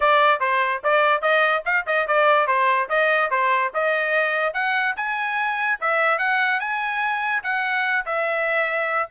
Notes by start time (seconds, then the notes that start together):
0.00 D5
0.40 C5
0.83 D5
1.21 D#5
1.65 F5
1.86 D#5
2.07 D5
2.47 C5
2.89 D#5
3.30 C5
3.74 D#5
4.53 F#5
4.96 G#5
5.80 E5
6.18 F#5
6.60 G#5
7.43 F#5
8.05 E5